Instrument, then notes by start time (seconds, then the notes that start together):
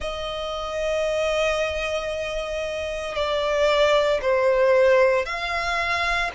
violin
0.00 D#5
3.15 D5
4.21 C5
5.25 F5